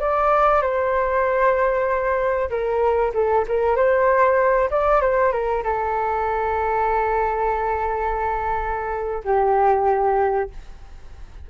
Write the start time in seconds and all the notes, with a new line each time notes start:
0.00 D5
0.62 C5
2.50 A#4
3.14 A4
3.48 A#4
3.76 C5
4.70 D5
5.01 C5
5.32 A#4
5.64 A4
9.25 G4